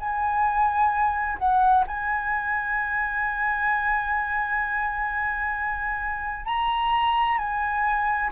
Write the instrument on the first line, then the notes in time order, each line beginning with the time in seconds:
flute
0.00 G#5
1.39 F#5
1.88 G#5
6.46 A#5
7.38 G#5